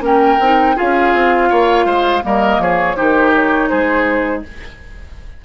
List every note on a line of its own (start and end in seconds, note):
0.00 0.37 A#3
0.00 0.37 C#4
0.00 0.75 A#4
0.00 0.78 G5
0.39 0.75 C4
0.39 0.75 D#4
0.75 1.14 C#4
0.75 2.21 F4
0.75 1.49 G#4
0.75 2.25 F5
1.14 1.50 C4
1.49 1.85 A#3
1.49 1.86 C#5
1.85 2.22 G#3
1.85 2.22 C5
2.21 2.58 G3
2.21 2.95 A#3
2.21 2.61 A#4
2.21 2.61 D#5
2.58 2.95 F3
2.58 2.96 G#4
2.58 2.96 C#5
2.96 3.71 D#3
2.96 4.42 D#4
2.96 3.69 G4
2.96 3.33 C5
3.34 3.69 C#5
3.69 4.44 G#3
3.69 4.42 G#4
3.69 4.42 C5